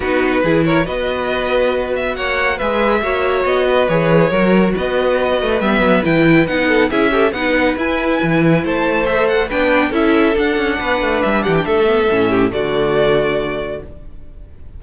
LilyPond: <<
  \new Staff \with { instrumentName = "violin" } { \time 4/4 \tempo 4 = 139 b'4. cis''8 dis''2~ | dis''8 e''8 fis''4 e''2 | dis''4 cis''2 dis''4~ | dis''4 e''4 g''4 fis''4 |
e''4 fis''4 gis''2 | a''4 e''8 fis''8 g''4 e''4 | fis''2 e''8 fis''16 g''16 e''4~ | e''4 d''2. | }
  \new Staff \with { instrumentName = "violin" } { \time 4/4 fis'4 gis'8 ais'8 b'2~ | b'4 cis''4 b'4 cis''4~ | cis''8 b'4. ais'4 b'4~ | b'2.~ b'8 a'8 |
gis'8 g'8 b'2. | c''2 b'4 a'4~ | a'4 b'4. g'8 a'4~ | a'8 g'8 fis'2. | }
  \new Staff \with { instrumentName = "viola" } { \time 4/4 dis'4 e'4 fis'2~ | fis'2 gis'4 fis'4~ | fis'4 gis'4 fis'2~ | fis'4 b4 e'4 dis'4 |
e'8 a'8 dis'4 e'2~ | e'4 a'4 d'4 e'4 | d'2.~ d'8 b8 | cis'4 a2. | }
  \new Staff \with { instrumentName = "cello" } { \time 4/4 b4 e4 b2~ | b4 ais4 gis4 ais4 | b4 e4 fis4 b4~ | b8 a8 g8 fis8 e4 b4 |
cis'4 b4 e'4 e4 | a2 b4 cis'4 | d'8 cis'8 b8 a8 g8 e8 a4 | a,4 d2. | }
>>